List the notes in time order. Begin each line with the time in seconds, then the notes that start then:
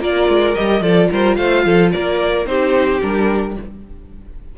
0.00 A#3 F4 A#4 D5
0.28 G#3
0.55 G3 G4 D#5
0.81 F3 F4 A4 D5
1.10 G3 A#4 C5
1.36 A3 C5 F5
1.65 F3 A4
1.92 A#3 A#4 D5
2.45 C4 D#4 G4 C5
3.01 G3 D4 A#4